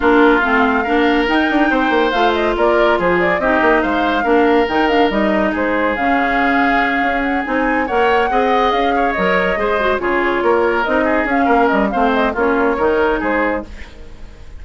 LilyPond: <<
  \new Staff \with { instrumentName = "flute" } { \time 4/4 \tempo 4 = 141 ais'4 f''2 g''4~ | g''4 f''8 dis''8 d''4 c''8 d''8 | dis''4 f''2 g''8 f''8 | dis''4 c''4 f''2~ |
f''4 fis''8 gis''4 fis''4.~ | fis''8 f''4 dis''2 cis''8~ | cis''4. dis''4 f''4 dis''8 | f''8 dis''8 cis''2 c''4 | }
  \new Staff \with { instrumentName = "oboe" } { \time 4/4 f'2 ais'2 | c''2 ais'4 gis'4 | g'4 c''4 ais'2~ | ais'4 gis'2.~ |
gis'2~ gis'8 cis''4 dis''8~ | dis''4 cis''4. c''4 gis'8~ | gis'8 ais'4. gis'4 ais'4 | c''4 f'4 ais'4 gis'4 | }
  \new Staff \with { instrumentName = "clarinet" } { \time 4/4 d'4 c'4 d'4 dis'4~ | dis'4 f'2. | dis'2 d'4 dis'8 d'8 | dis'2 cis'2~ |
cis'4. dis'4 ais'4 gis'8~ | gis'4. ais'4 gis'8 fis'8 f'8~ | f'4. dis'4 cis'4. | c'4 cis'4 dis'2 | }
  \new Staff \with { instrumentName = "bassoon" } { \time 4/4 ais4 a4 ais4 dis'8 d'8 | c'8 ais8 a4 ais4 f4 | c'8 ais8 gis4 ais4 dis4 | g4 gis4 cis2~ |
cis8 cis'4 c'4 ais4 c'8~ | c'8 cis'4 fis4 gis4 cis8~ | cis8 ais4 c'4 cis'8 ais8 g8 | a4 ais4 dis4 gis4 | }
>>